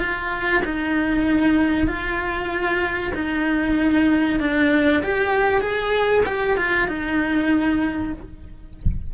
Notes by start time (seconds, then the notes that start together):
0.00 F4
0.65 D#4
1.88 F4
3.15 D#4
4.41 D4
5.03 G4
5.61 G#4
6.26 G4
6.58 F4
6.88 D#4